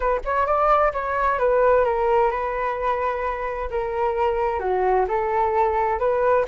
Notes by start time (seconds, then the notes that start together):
0.00 B4
0.24 C#5
0.46 D5
0.92 C#5
1.38 B4
1.84 A#4
2.31 B4
3.70 A#4
4.59 F#4
5.07 A4
5.99 B4